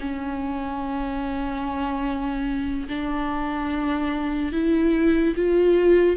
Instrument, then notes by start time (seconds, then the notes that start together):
viola
0.00 C#4
2.88 D4
4.52 E4
5.36 F4